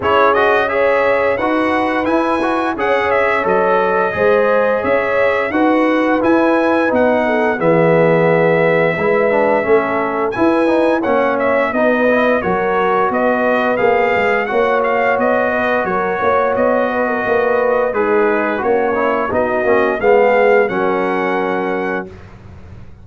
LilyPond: <<
  \new Staff \with { instrumentName = "trumpet" } { \time 4/4 \tempo 4 = 87 cis''8 dis''8 e''4 fis''4 gis''4 | fis''8 e''8 dis''2 e''4 | fis''4 gis''4 fis''4 e''4~ | e''2. gis''4 |
fis''8 e''8 dis''4 cis''4 dis''4 | f''4 fis''8 f''8 dis''4 cis''4 | dis''2 b'4 cis''4 | dis''4 f''4 fis''2 | }
  \new Staff \with { instrumentName = "horn" } { \time 4/4 gis'4 cis''4 b'2 | cis''2 c''4 cis''4 | b'2~ b'8 a'8 gis'4~ | gis'4 b'4 a'4 b'4 |
cis''4 b'4 ais'4 b'4~ | b'4 cis''4. b'8 ais'8 cis''8~ | cis''8 b'16 ais'16 b'4 dis'4 cis'4 | fis'4 gis'4 ais'2 | }
  \new Staff \with { instrumentName = "trombone" } { \time 4/4 e'8 fis'8 gis'4 fis'4 e'8 fis'8 | gis'4 a'4 gis'2 | fis'4 e'4 dis'4 b4~ | b4 e'8 d'8 cis'4 e'8 dis'8 |
cis'4 dis'8 e'8 fis'2 | gis'4 fis'2.~ | fis'2 gis'4 fis'8 e'8 | dis'8 cis'8 b4 cis'2 | }
  \new Staff \with { instrumentName = "tuba" } { \time 4/4 cis'2 dis'4 e'4 | cis'4 fis4 gis4 cis'4 | dis'4 e'4 b4 e4~ | e4 gis4 a4 e'4 |
ais4 b4 fis4 b4 | ais8 gis8 ais4 b4 fis8 ais8 | b4 ais4 gis4 ais4 | b8 ais8 gis4 fis2 | }
>>